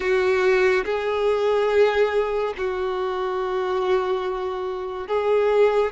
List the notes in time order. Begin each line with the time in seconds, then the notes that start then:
0.00 F#4
0.85 G#4
2.57 F#4
5.07 G#4